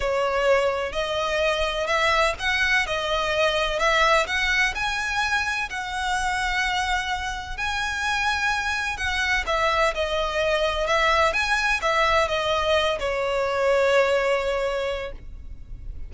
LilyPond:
\new Staff \with { instrumentName = "violin" } { \time 4/4 \tempo 4 = 127 cis''2 dis''2 | e''4 fis''4 dis''2 | e''4 fis''4 gis''2 | fis''1 |
gis''2. fis''4 | e''4 dis''2 e''4 | gis''4 e''4 dis''4. cis''8~ | cis''1 | }